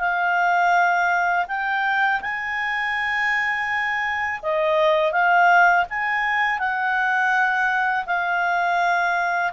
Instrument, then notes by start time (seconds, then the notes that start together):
clarinet
0.00 F5
1.48 G5
2.21 G#5
4.43 D#5
5.12 F5
5.90 G#5
6.59 F#5
8.06 F5